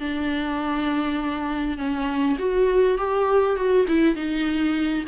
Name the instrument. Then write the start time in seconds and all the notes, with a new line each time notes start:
viola
0.00 D4
1.78 C#4
2.39 F#4
2.98 G4
3.57 F#4
3.88 E4
4.16 D#4